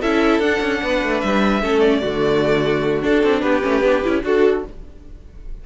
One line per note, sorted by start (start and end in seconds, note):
0.00 0.39 C#4
0.00 0.42 E4
0.00 0.81 A4
0.00 0.40 E5
0.39 0.59 D4
0.39 1.61 D4
0.39 1.20 F#5
0.61 0.81 C#4
0.82 1.02 B3
0.82 1.61 B4
1.02 1.22 A3
1.20 1.62 G3
1.20 1.80 E5
1.61 2.03 A3
1.61 2.02 C#4
1.61 2.01 A4
1.80 3.01 D5
2.01 3.04 D3
2.01 3.02 A3
2.01 3.41 F#4
3.02 3.62 D4
3.02 3.23 D4
3.02 3.41 A4
3.23 3.42 C4
3.41 3.62 B3
3.41 4.22 G4
3.41 4.22 B4
3.62 3.81 A3
3.62 3.82 C#4
3.81 4.01 B3
3.81 4.04 D4
4.04 4.23 C#4
4.04 4.24 E4
4.23 4.63 D4
4.23 4.64 F#4
4.23 4.66 F#4
4.23 4.65 A4